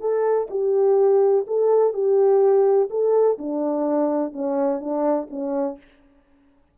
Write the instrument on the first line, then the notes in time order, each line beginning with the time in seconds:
horn
0.00 A4
0.50 G4
1.47 A4
1.93 G4
2.90 A4
3.38 D4
4.32 C#4
4.80 D4
5.30 C#4